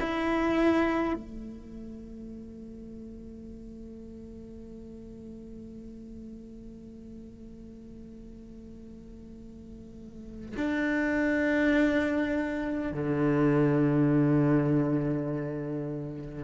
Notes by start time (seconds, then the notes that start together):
0.00 E4
1.14 A3
10.57 D4
12.93 D3